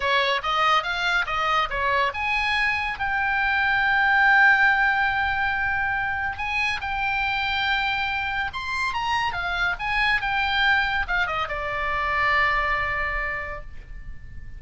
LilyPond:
\new Staff \with { instrumentName = "oboe" } { \time 4/4 \tempo 4 = 141 cis''4 dis''4 f''4 dis''4 | cis''4 gis''2 g''4~ | g''1~ | g''2. gis''4 |
g''1 | c'''4 ais''4 f''4 gis''4 | g''2 f''8 dis''8 d''4~ | d''1 | }